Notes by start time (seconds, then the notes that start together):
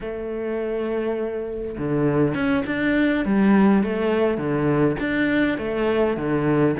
0.00 A3
1.78 D3
2.34 C#4
2.66 D4
3.25 G3
3.83 A3
4.37 D3
4.99 D4
5.58 A3
6.16 D3